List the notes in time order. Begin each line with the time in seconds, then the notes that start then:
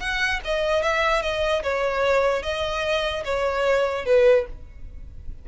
0.00 F#5
0.45 D#5
0.83 E5
1.23 D#5
1.63 C#5
2.43 D#5
3.25 C#5
4.06 B4